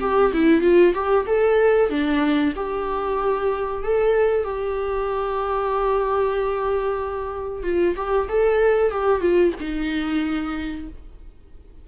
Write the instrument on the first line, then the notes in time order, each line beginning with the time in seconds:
viola
0.00 G4
0.32 E4
0.61 F4
0.94 G4
1.26 A4
1.89 D4
2.55 G4
3.83 A4
4.44 G4
7.63 F4
7.96 G4
8.28 A4
8.91 G4
9.21 F4
9.60 D#4